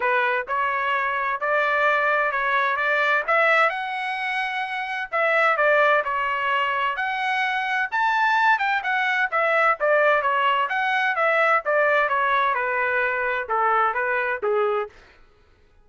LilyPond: \new Staff \with { instrumentName = "trumpet" } { \time 4/4 \tempo 4 = 129 b'4 cis''2 d''4~ | d''4 cis''4 d''4 e''4 | fis''2. e''4 | d''4 cis''2 fis''4~ |
fis''4 a''4. g''8 fis''4 | e''4 d''4 cis''4 fis''4 | e''4 d''4 cis''4 b'4~ | b'4 a'4 b'4 gis'4 | }